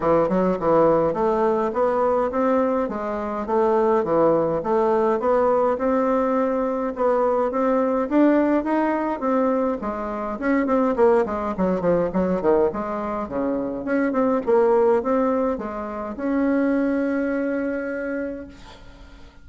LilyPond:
\new Staff \with { instrumentName = "bassoon" } { \time 4/4 \tempo 4 = 104 e8 fis8 e4 a4 b4 | c'4 gis4 a4 e4 | a4 b4 c'2 | b4 c'4 d'4 dis'4 |
c'4 gis4 cis'8 c'8 ais8 gis8 | fis8 f8 fis8 dis8 gis4 cis4 | cis'8 c'8 ais4 c'4 gis4 | cis'1 | }